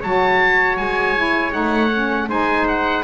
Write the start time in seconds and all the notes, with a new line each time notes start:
0.00 F#3 F#4 C#5 A5
0.77 G#3 G#5
1.16 E4
1.51 A3 D#4 F#5
1.93 C#4
2.28 G#3 D#4 C5 G#5
2.67 F#5